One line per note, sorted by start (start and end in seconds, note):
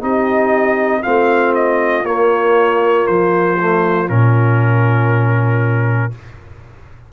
0.00 1.03 C4
0.00 1.02 D#4
0.00 1.01 G4
0.00 1.02 D#5
1.01 2.03 A3
1.01 2.04 C4
1.01 6.10 F4
1.01 1.53 F5
1.54 2.05 D#5
2.03 3.05 A#3
2.03 3.57 A#3
2.03 3.06 C#5
3.06 4.09 F3
3.06 4.08 C5
3.59 4.08 A3
4.08 6.12 A#2
4.08 6.11 C#4
4.08 6.12 A#4